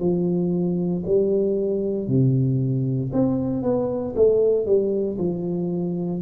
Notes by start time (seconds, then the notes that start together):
0.00 F3
1.06 G3
2.08 C3
3.13 C4
3.63 B3
4.16 A3
4.66 G3
5.19 F3